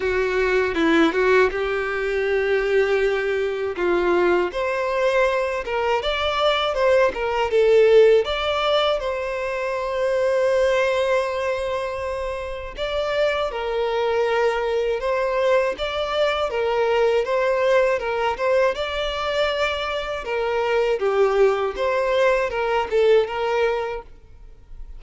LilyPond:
\new Staff \with { instrumentName = "violin" } { \time 4/4 \tempo 4 = 80 fis'4 e'8 fis'8 g'2~ | g'4 f'4 c''4. ais'8 | d''4 c''8 ais'8 a'4 d''4 | c''1~ |
c''4 d''4 ais'2 | c''4 d''4 ais'4 c''4 | ais'8 c''8 d''2 ais'4 | g'4 c''4 ais'8 a'8 ais'4 | }